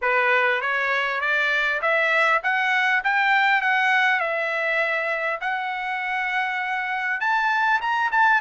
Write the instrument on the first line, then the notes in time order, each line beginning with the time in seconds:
trumpet
0.01 B4
0.61 C#5
1.20 D5
1.81 E5
2.43 F#5
3.04 G5
3.61 F#5
4.20 E5
5.40 F#5
7.20 A5
7.81 A#5
8.11 A5